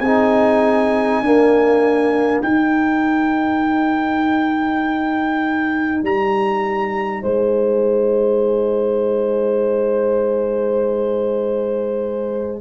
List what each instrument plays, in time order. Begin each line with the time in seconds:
0.00 tuba C4, trombone D#4, horn G#4, trumpet G#5
1.21 trombone A#3, tuba D4, horn A#4
2.42 tuba D#4, trombone D#4, trumpet G5
6.03 tuba G3, trumpet A#5
7.21 tuba G#3, horn C5, trumpet G#5